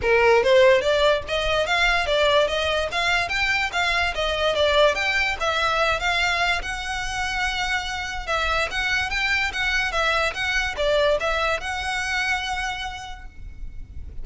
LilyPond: \new Staff \with { instrumentName = "violin" } { \time 4/4 \tempo 4 = 145 ais'4 c''4 d''4 dis''4 | f''4 d''4 dis''4 f''4 | g''4 f''4 dis''4 d''4 | g''4 e''4. f''4. |
fis''1 | e''4 fis''4 g''4 fis''4 | e''4 fis''4 d''4 e''4 | fis''1 | }